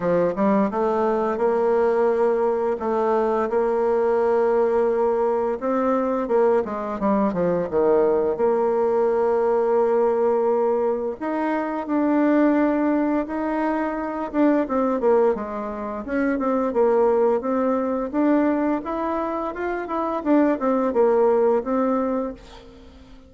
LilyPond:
\new Staff \with { instrumentName = "bassoon" } { \time 4/4 \tempo 4 = 86 f8 g8 a4 ais2 | a4 ais2. | c'4 ais8 gis8 g8 f8 dis4 | ais1 |
dis'4 d'2 dis'4~ | dis'8 d'8 c'8 ais8 gis4 cis'8 c'8 | ais4 c'4 d'4 e'4 | f'8 e'8 d'8 c'8 ais4 c'4 | }